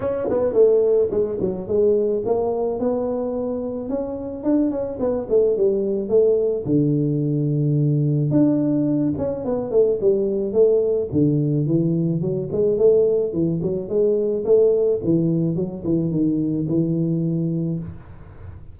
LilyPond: \new Staff \with { instrumentName = "tuba" } { \time 4/4 \tempo 4 = 108 cis'8 b8 a4 gis8 fis8 gis4 | ais4 b2 cis'4 | d'8 cis'8 b8 a8 g4 a4 | d2. d'4~ |
d'8 cis'8 b8 a8 g4 a4 | d4 e4 fis8 gis8 a4 | e8 fis8 gis4 a4 e4 | fis8 e8 dis4 e2 | }